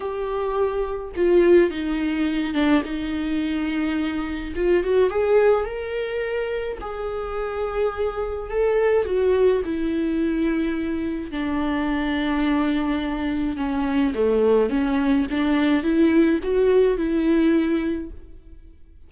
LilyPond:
\new Staff \with { instrumentName = "viola" } { \time 4/4 \tempo 4 = 106 g'2 f'4 dis'4~ | dis'8 d'8 dis'2. | f'8 fis'8 gis'4 ais'2 | gis'2. a'4 |
fis'4 e'2. | d'1 | cis'4 a4 cis'4 d'4 | e'4 fis'4 e'2 | }